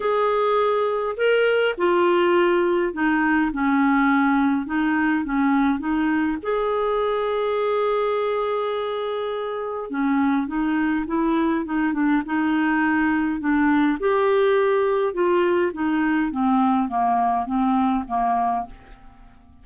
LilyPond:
\new Staff \with { instrumentName = "clarinet" } { \time 4/4 \tempo 4 = 103 gis'2 ais'4 f'4~ | f'4 dis'4 cis'2 | dis'4 cis'4 dis'4 gis'4~ | gis'1~ |
gis'4 cis'4 dis'4 e'4 | dis'8 d'8 dis'2 d'4 | g'2 f'4 dis'4 | c'4 ais4 c'4 ais4 | }